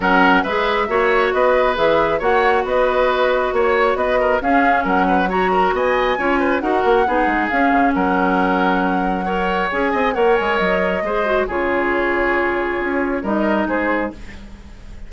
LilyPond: <<
  \new Staff \with { instrumentName = "flute" } { \time 4/4 \tempo 4 = 136 fis''4 e''2 dis''4 | e''4 fis''4 dis''2 | cis''4 dis''4 f''4 fis''4 | ais''4 gis''2 fis''4~ |
fis''4 f''4 fis''2~ | fis''2 gis''4 fis''8 gis''8 | dis''2 cis''2~ | cis''2 dis''4 c''4 | }
  \new Staff \with { instrumentName = "oboe" } { \time 4/4 ais'4 b'4 cis''4 b'4~ | b'4 cis''4 b'2 | cis''4 b'8 ais'8 gis'4 ais'8 b'8 | cis''8 ais'8 dis''4 cis''8 b'8 ais'4 |
gis'2 ais'2~ | ais'4 cis''4. dis''8 cis''4~ | cis''4 c''4 gis'2~ | gis'2 ais'4 gis'4 | }
  \new Staff \with { instrumentName = "clarinet" } { \time 4/4 cis'4 gis'4 fis'2 | gis'4 fis'2.~ | fis'2 cis'2 | fis'2 f'4 fis'4 |
dis'4 cis'2.~ | cis'4 ais'4 gis'4 ais'4~ | ais'4 gis'8 fis'8 f'2~ | f'2 dis'2 | }
  \new Staff \with { instrumentName = "bassoon" } { \time 4/4 fis4 gis4 ais4 b4 | e4 ais4 b2 | ais4 b4 cis'4 fis4~ | fis4 b4 cis'4 dis'8 ais8 |
b8 gis8 cis'8 cis8 fis2~ | fis2 cis'8 c'8 ais8 gis8 | fis4 gis4 cis2~ | cis4 cis'4 g4 gis4 | }
>>